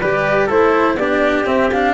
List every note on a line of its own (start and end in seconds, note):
0.00 0.49 G3
0.00 0.49 G4
0.00 0.46 B4
0.00 0.48 D5
0.46 0.95 A3
0.46 0.97 E4
0.46 0.95 A4
0.46 0.97 C5
0.95 1.43 B3
0.95 1.46 D4
0.95 1.94 G4
0.95 1.45 D5
1.46 1.70 C4
1.46 1.94 C4
1.46 1.70 E5
1.71 1.94 D4
1.71 1.94 F5